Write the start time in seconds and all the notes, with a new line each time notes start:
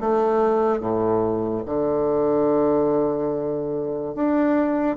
0.00 A3
0.80 A2
1.65 D3
4.15 D4